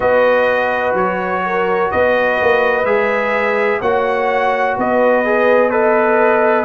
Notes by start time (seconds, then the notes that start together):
0.00 B3 F#4 B4 D#5
0.93 F#3 C#5
1.45 A#4
1.91 B3 B4 D#5
2.41 A#3
2.84 G#3 G#4 E5
3.81 A#3 F#4 C#5 F#5
4.76 B3 B4 D#5
5.25 G#4
5.70 A4 B4 D#5